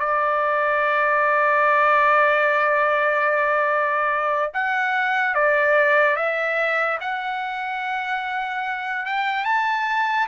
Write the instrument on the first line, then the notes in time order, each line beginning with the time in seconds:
trumpet
0.00 D5
4.54 F#5
5.35 D5
6.16 E5
7.01 F#5
9.06 G5
9.45 A5